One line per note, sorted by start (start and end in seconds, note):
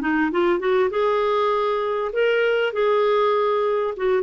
0.00 0.30 D#4
0.31 0.59 F4
0.59 0.89 F#4
0.90 2.11 G#4
2.12 2.72 A#4
2.72 3.94 G#4
3.96 4.22 F#4